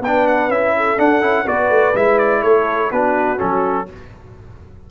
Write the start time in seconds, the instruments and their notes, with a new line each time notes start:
0.00 tuba B3, horn B4, trumpet G5
0.06 trombone D4
0.27 trumpet F#5
0.48 tuba C#4, trombone E4, trumpet E5
0.76 horn A4
0.97 trombone D4, tuba D4, trumpet F#5
1.21 tuba C#4, trombone E4
1.45 tuba B3, trombone F#4, horn B4, trumpet D5
1.69 tuba A3
1.95 tuba G#3, trombone E4, trumpet E5
2.18 trumpet D5
2.42 tuba A3, horn A4, trumpet C#5
2.91 tuba B3, trombone D4, horn F#4, trumpet B4
3.37 tuba F#3, trombone C#4, trumpet A4